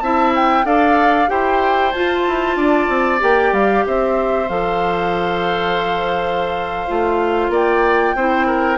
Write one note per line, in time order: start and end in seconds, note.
0.00 0.64 C4
0.00 0.64 E4
0.00 0.65 E5
0.00 0.32 A5
0.35 0.66 G5
0.64 1.28 D4
0.64 1.28 A4
0.64 1.29 D5
0.64 1.29 F5
1.28 1.94 E4
1.28 1.91 G4
1.28 2.57 C5
1.28 1.92 G5
1.92 2.27 F4
1.92 3.19 F4
1.92 3.19 A5
2.27 2.56 E4
2.56 2.88 D4
2.56 3.85 D5
2.88 3.20 C4
3.19 3.52 A#3
3.19 4.46 G4
3.19 3.53 G5
3.52 3.84 G3
3.52 3.85 F5
3.86 4.49 C4
3.86 7.51 C5
3.86 4.49 E5
4.49 6.89 F3
4.49 6.88 A4
4.49 7.52 F5
6.88 7.49 A3
6.88 8.15 F4
7.49 8.13 A#3
7.49 8.15 D5
7.49 8.77 G5
8.15 8.77 C4
8.15 8.77 E4
8.15 8.46 C5
8.46 8.77 A#4